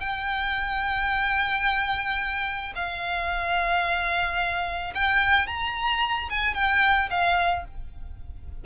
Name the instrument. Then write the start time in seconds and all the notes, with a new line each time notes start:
violin
0.00 G5
2.75 F5
4.94 G5
5.47 A#5
6.30 G#5
6.54 G5
7.10 F5